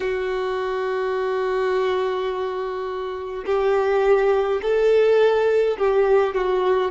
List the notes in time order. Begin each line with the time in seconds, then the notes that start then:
0.00 F#4
3.45 G4
4.62 A4
5.77 G4
6.35 F#4